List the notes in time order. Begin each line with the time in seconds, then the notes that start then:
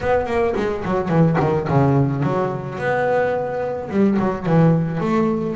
0.00 B3
0.26 A#3
0.56 G#3
0.84 F#3
1.08 E3
1.40 D#3
1.68 C#3
2.22 F#3
2.78 B3
3.90 G3
4.18 F#3
4.45 E3
5.00 A3